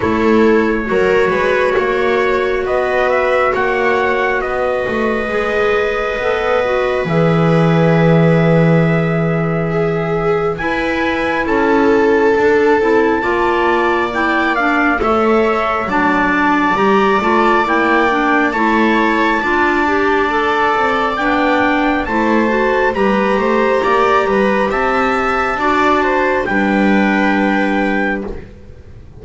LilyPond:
<<
  \new Staff \with { instrumentName = "trumpet" } { \time 4/4 \tempo 4 = 68 cis''2. dis''8 e''8 | fis''4 dis''2. | e''1 | gis''4 a''2. |
g''8 f''8 e''4 a''4 ais''8 a''8 | g''4 a''2. | g''4 a''4 ais''2 | a''2 g''2 | }
  \new Staff \with { instrumentName = "viola" } { \time 4/4 a'4 ais'8 b'8 cis''4 b'4 | cis''4 b'2.~ | b'2. gis'4 | b'4 a'2 d''4~ |
d''4 cis''4 d''2~ | d''4 cis''4 d''2~ | d''4 c''4 b'8 c''8 d''8 b'8 | e''4 d''8 c''8 b'2 | }
  \new Staff \with { instrumentName = "clarinet" } { \time 4/4 e'4 fis'2.~ | fis'2 gis'4 a'8 fis'8 | gis'1 | e'2 d'8 e'8 f'4 |
e'8 d'8 a'4 d'4 g'8 f'8 | e'8 d'8 e'4 f'8 g'8 a'4 | d'4 e'8 fis'8 g'2~ | g'4 fis'4 d'2 | }
  \new Staff \with { instrumentName = "double bass" } { \time 4/4 a4 fis8 gis8 ais4 b4 | ais4 b8 a8 gis4 b4 | e1 | e'4 cis'4 d'8 c'8 ais4~ |
ais4 a4 fis4 g8 a8 | ais4 a4 d'4. c'8 | b4 a4 g8 a8 ais8 g8 | c'4 d'4 g2 | }
>>